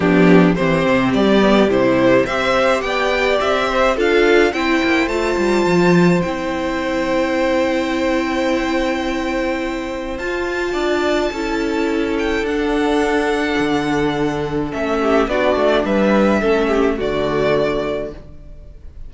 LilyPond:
<<
  \new Staff \with { instrumentName = "violin" } { \time 4/4 \tempo 4 = 106 g'4 c''4 d''4 c''4 | e''4 g''4 e''4 f''4 | g''4 a''2 g''4~ | g''1~ |
g''2 a''2~ | a''4. g''8 fis''2~ | fis''2 e''4 d''4 | e''2 d''2 | }
  \new Staff \with { instrumentName = "violin" } { \time 4/4 d'4 g'2. | c''4 d''4. c''8 a'4 | c''1~ | c''1~ |
c''2. d''4 | a'1~ | a'2~ a'8 g'8 fis'4 | b'4 a'8 g'8 fis'2 | }
  \new Staff \with { instrumentName = "viola" } { \time 4/4 b4 c'4. b8 e'4 | g'2. f'4 | e'4 f'2 e'4~ | e'1~ |
e'2 f'2 | e'2 d'2~ | d'2 cis'4 d'4~ | d'4 cis'4 a2 | }
  \new Staff \with { instrumentName = "cello" } { \time 4/4 f4 e8 c8 g4 c4 | c'4 b4 c'4 d'4 | c'8 ais8 a8 g8 f4 c'4~ | c'1~ |
c'2 f'4 d'4 | cis'2 d'2 | d2 a4 b8 a8 | g4 a4 d2 | }
>>